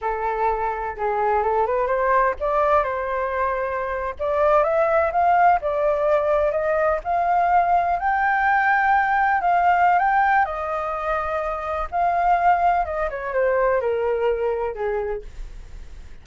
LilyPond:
\new Staff \with { instrumentName = "flute" } { \time 4/4 \tempo 4 = 126 a'2 gis'4 a'8 b'8 | c''4 d''4 c''2~ | c''8. d''4 e''4 f''4 d''16~ | d''4.~ d''16 dis''4 f''4~ f''16~ |
f''8. g''2. f''16~ | f''4 g''4 dis''2~ | dis''4 f''2 dis''8 cis''8 | c''4 ais'2 gis'4 | }